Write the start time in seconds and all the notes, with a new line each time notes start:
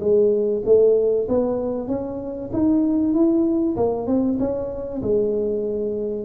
0.00 G#3
0.65 A3
1.29 B3
1.88 C#4
2.53 D#4
3.14 E4
3.77 A#3
4.07 C4
4.39 C#4
5.02 G#3